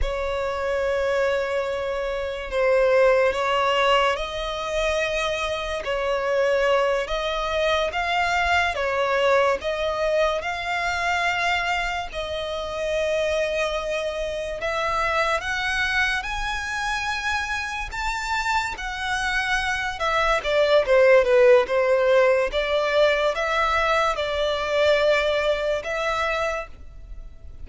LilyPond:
\new Staff \with { instrumentName = "violin" } { \time 4/4 \tempo 4 = 72 cis''2. c''4 | cis''4 dis''2 cis''4~ | cis''8 dis''4 f''4 cis''4 dis''8~ | dis''8 f''2 dis''4.~ |
dis''4. e''4 fis''4 gis''8~ | gis''4. a''4 fis''4. | e''8 d''8 c''8 b'8 c''4 d''4 | e''4 d''2 e''4 | }